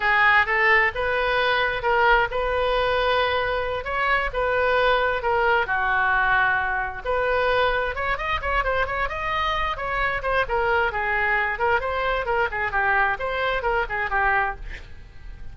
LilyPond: \new Staff \with { instrumentName = "oboe" } { \time 4/4 \tempo 4 = 132 gis'4 a'4 b'2 | ais'4 b'2.~ | b'8 cis''4 b'2 ais'8~ | ais'8 fis'2. b'8~ |
b'4. cis''8 dis''8 cis''8 c''8 cis''8 | dis''4. cis''4 c''8 ais'4 | gis'4. ais'8 c''4 ais'8 gis'8 | g'4 c''4 ais'8 gis'8 g'4 | }